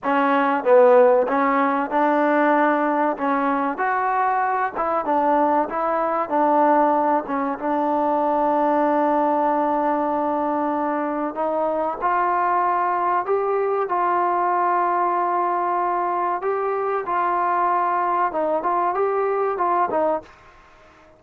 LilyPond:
\new Staff \with { instrumentName = "trombone" } { \time 4/4 \tempo 4 = 95 cis'4 b4 cis'4 d'4~ | d'4 cis'4 fis'4. e'8 | d'4 e'4 d'4. cis'8 | d'1~ |
d'2 dis'4 f'4~ | f'4 g'4 f'2~ | f'2 g'4 f'4~ | f'4 dis'8 f'8 g'4 f'8 dis'8 | }